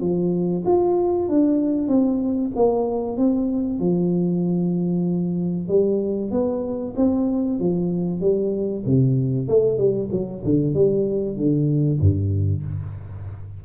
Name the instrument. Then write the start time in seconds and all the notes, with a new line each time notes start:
tuba
0.00 F3
0.65 F4
1.28 D4
1.87 C4
2.55 A#3
3.17 C4
3.79 F3
5.68 G3
6.31 B3
6.96 C4
7.59 F3
8.20 G3
8.85 C3
9.47 A3
9.77 G3
10.11 F#3
10.44 D3
10.74 G3
11.36 D3
11.99 G2